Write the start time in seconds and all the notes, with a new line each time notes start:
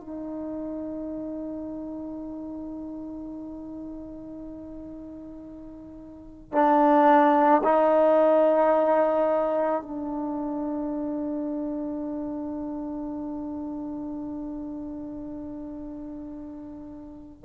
0.00 D#4
6.52 D4
7.64 D#4
9.82 D4